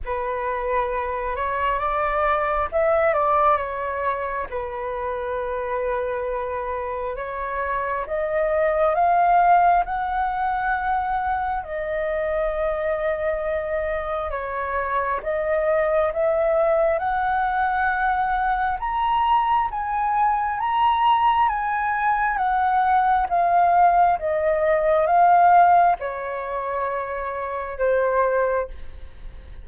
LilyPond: \new Staff \with { instrumentName = "flute" } { \time 4/4 \tempo 4 = 67 b'4. cis''8 d''4 e''8 d''8 | cis''4 b'2. | cis''4 dis''4 f''4 fis''4~ | fis''4 dis''2. |
cis''4 dis''4 e''4 fis''4~ | fis''4 ais''4 gis''4 ais''4 | gis''4 fis''4 f''4 dis''4 | f''4 cis''2 c''4 | }